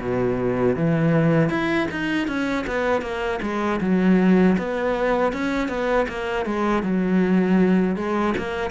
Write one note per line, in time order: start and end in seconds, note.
0.00 0.76 B2
0.76 1.49 E3
1.49 1.87 E4
1.91 2.27 D#4
2.27 2.65 C#4
2.67 3.01 B3
3.01 3.39 A#3
3.42 3.80 G#3
3.80 4.56 F#3
4.57 5.32 B3
5.32 5.68 C#4
5.68 6.06 B3
6.08 6.45 A#3
6.45 6.83 G#3
6.83 7.96 F#3
7.96 8.34 G#3
8.37 8.70 A#3